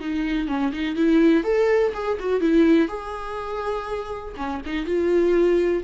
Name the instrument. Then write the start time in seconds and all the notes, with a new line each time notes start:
viola
0.00 D#4
0.48 C#4
0.73 D#4
0.96 E4
1.44 A4
1.94 G#4
2.19 F#4
2.40 E4
2.88 G#4
4.37 C#4
4.66 D#4
4.86 F4